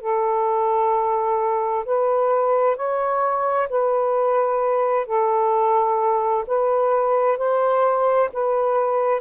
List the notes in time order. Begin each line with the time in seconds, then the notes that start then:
0.00 A4
1.85 B4
2.76 C#5
3.69 B4
5.06 A4
6.47 B4
7.37 C5
8.33 B4